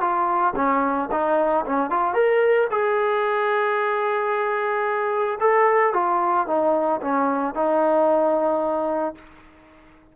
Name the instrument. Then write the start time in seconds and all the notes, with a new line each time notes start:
trombone
0.00 F4
0.56 C#4
1.11 D#4
1.66 C#4
1.90 F4
2.14 A#4
2.70 G#4
5.40 A4
5.93 F4
6.47 D#4
7.01 C#4
7.54 D#4